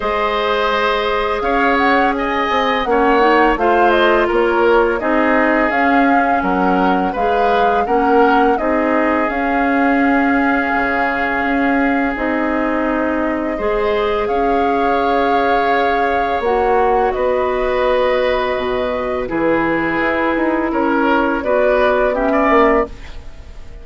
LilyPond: <<
  \new Staff \with { instrumentName = "flute" } { \time 4/4 \tempo 4 = 84 dis''2 f''8 fis''8 gis''4 | fis''4 f''8 dis''8 cis''4 dis''4 | f''4 fis''4 f''4 fis''4 | dis''4 f''2.~ |
f''4 dis''2. | f''2. fis''4 | dis''2. b'4~ | b'4 cis''4 d''4 e''4 | }
  \new Staff \with { instrumentName = "oboe" } { \time 4/4 c''2 cis''4 dis''4 | cis''4 c''4 ais'4 gis'4~ | gis'4 ais'4 b'4 ais'4 | gis'1~ |
gis'2. c''4 | cis''1 | b'2. gis'4~ | gis'4 ais'4 b'4 g'16 d''8. | }
  \new Staff \with { instrumentName = "clarinet" } { \time 4/4 gis'1 | cis'8 dis'8 f'2 dis'4 | cis'2 gis'4 cis'4 | dis'4 cis'2.~ |
cis'4 dis'2 gis'4~ | gis'2. fis'4~ | fis'2. e'4~ | e'2 fis'4 cis'4 | }
  \new Staff \with { instrumentName = "bassoon" } { \time 4/4 gis2 cis'4. c'8 | ais4 a4 ais4 c'4 | cis'4 fis4 gis4 ais4 | c'4 cis'2 cis4 |
cis'4 c'2 gis4 | cis'2. ais4 | b2 b,4 e4 | e'8 dis'8 cis'4 b4. ais8 | }
>>